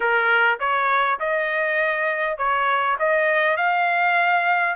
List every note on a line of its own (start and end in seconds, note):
0.00 0.59 A#4
0.59 1.19 C#5
1.19 2.37 D#5
2.37 2.96 C#5
2.99 3.56 D#5
3.56 4.75 F5